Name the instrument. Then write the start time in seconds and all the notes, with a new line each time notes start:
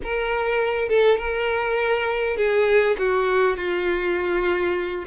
violin
0.03 A#4
0.88 A4
1.18 A#4
2.37 G#4
2.98 F#4
3.56 F4